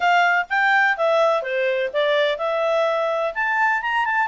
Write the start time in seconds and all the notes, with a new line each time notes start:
0.00 F5
0.49 G5
0.97 E5
1.42 C5
1.93 D5
2.38 E5
3.34 A5
3.81 A#5
4.05 A5